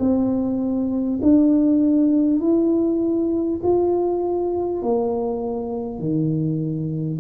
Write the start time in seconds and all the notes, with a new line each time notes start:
0.00 C4
1.22 D4
2.41 E4
3.63 F4
4.82 A#3
5.99 D#3